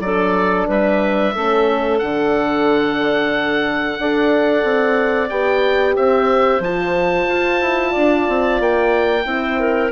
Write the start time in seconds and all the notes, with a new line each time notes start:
0.00 F#3 D4 A4 D5
0.68 G3 B4 E5
1.34 A3 C#4 A4
1.99 D3 D4 F#5
3.98 D4 A4 D5
4.64 C4
5.29 B3 G4 G5
5.95 C4 C5 E5
6.60 F3 F4 A5
7.28 F4
7.61 E4
7.91 D4 D5
8.28 C4
8.60 A#3 G5
9.24 C4 E4 C5
9.60 A#4